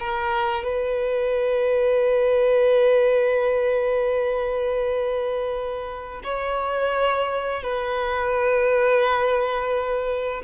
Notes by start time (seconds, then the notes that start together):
0.00 A#4
0.64 B4
6.24 C#5
7.63 B4